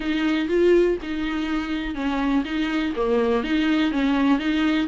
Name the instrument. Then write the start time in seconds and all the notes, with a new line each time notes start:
viola
0.00 D#4
0.48 F4
1.02 D#4
1.94 C#4
2.44 D#4
2.96 A#3
3.43 D#4
3.91 C#4
4.38 D#4